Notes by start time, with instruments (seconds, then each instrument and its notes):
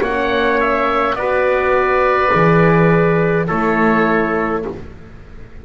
0.00 double bass A#3, horn C#4, trumpet C#5, oboe F#5
0.60 oboe E5
1.14 double bass B3, horn F#4, trumpet B4, oboe D5
2.30 double bass E3, horn G#4
3.47 double bass A3, horn E4, trumpet A4, oboe C#5